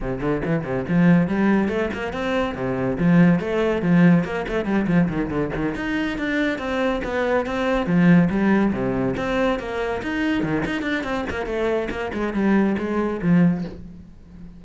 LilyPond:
\new Staff \with { instrumentName = "cello" } { \time 4/4 \tempo 4 = 141 c8 d8 e8 c8 f4 g4 | a8 ais8 c'4 c4 f4 | a4 f4 ais8 a8 g8 f8 | dis8 d8 dis8 dis'4 d'4 c'8~ |
c'8 b4 c'4 f4 g8~ | g8 c4 c'4 ais4 dis'8~ | dis'8 dis8 dis'8 d'8 c'8 ais8 a4 | ais8 gis8 g4 gis4 f4 | }